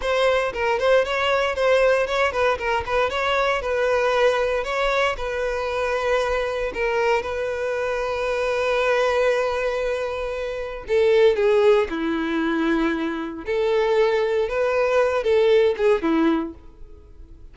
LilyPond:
\new Staff \with { instrumentName = "violin" } { \time 4/4 \tempo 4 = 116 c''4 ais'8 c''8 cis''4 c''4 | cis''8 b'8 ais'8 b'8 cis''4 b'4~ | b'4 cis''4 b'2~ | b'4 ais'4 b'2~ |
b'1~ | b'4 a'4 gis'4 e'4~ | e'2 a'2 | b'4. a'4 gis'8 e'4 | }